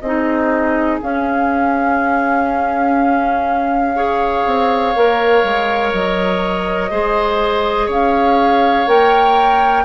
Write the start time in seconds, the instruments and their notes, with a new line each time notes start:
0.00 bassoon C4, clarinet D#4, oboe G#4, flute D#5
1.02 clarinet C#4, bassoon C#4, flute F5
3.96 clarinet G#4, oboe C#5
4.46 bassoon C4
4.95 bassoon A#3, clarinet A#4
5.43 bassoon G#3
5.93 bassoon F#3, flute D#5
6.91 bassoon G#3, clarinet G#4, oboe C5
7.86 bassoon C#4, oboe C#5, flute F5
8.87 bassoon A#3, clarinet A#4, flute G5